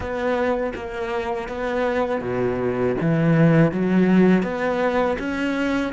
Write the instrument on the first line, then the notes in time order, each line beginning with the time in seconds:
cello
0.00 B3
0.75 A#3
1.48 B3
2.21 B2
3.00 E3
3.71 F#3
4.42 B3
5.19 C#4